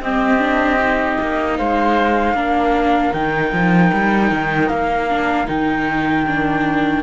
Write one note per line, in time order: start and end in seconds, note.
0.00 1.17 C4
0.00 0.39 C4
0.00 1.58 G4
0.00 1.57 D#5
0.39 0.78 D4
0.80 2.36 D#4
1.21 1.59 A#3
1.57 2.34 G#3
1.57 2.36 C5
1.57 3.13 F5
2.34 3.12 A#3
2.34 3.13 D4
2.34 7.03 A#4
3.13 3.52 D#3
3.13 5.08 D#4
3.13 4.69 G5
3.53 3.92 F3
3.93 4.31 G3
4.31 4.70 D#3
4.69 5.48 A#3
4.69 5.47 F5
5.09 5.46 D4
5.46 7.03 D#3
5.46 6.24 D#4
5.46 7.03 G5
6.27 7.03 D4